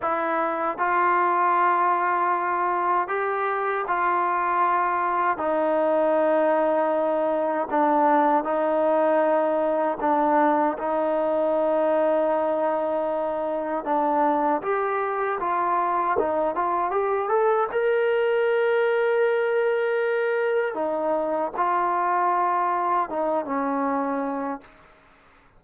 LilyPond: \new Staff \with { instrumentName = "trombone" } { \time 4/4 \tempo 4 = 78 e'4 f'2. | g'4 f'2 dis'4~ | dis'2 d'4 dis'4~ | dis'4 d'4 dis'2~ |
dis'2 d'4 g'4 | f'4 dis'8 f'8 g'8 a'8 ais'4~ | ais'2. dis'4 | f'2 dis'8 cis'4. | }